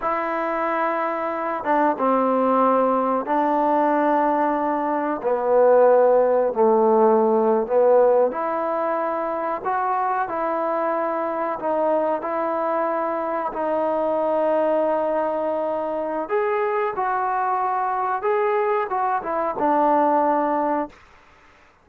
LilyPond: \new Staff \with { instrumentName = "trombone" } { \time 4/4 \tempo 4 = 92 e'2~ e'8 d'8 c'4~ | c'4 d'2. | b2 a4.~ a16 b16~ | b8. e'2 fis'4 e'16~ |
e'4.~ e'16 dis'4 e'4~ e'16~ | e'8. dis'2.~ dis'16~ | dis'4 gis'4 fis'2 | gis'4 fis'8 e'8 d'2 | }